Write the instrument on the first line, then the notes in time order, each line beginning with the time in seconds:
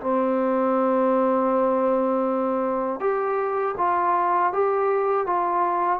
trombone
0.00 C4
3.00 G4
3.77 F4
4.53 G4
5.26 F4